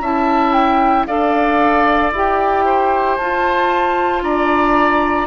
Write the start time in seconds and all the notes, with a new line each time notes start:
0.00 C#4 E4 E5 A5
0.53 G5
1.06 D4 A4 D5 F5
2.12 E4 G4 G5
2.65 C5
3.16 F4 A5
4.22 D4 D5 A#5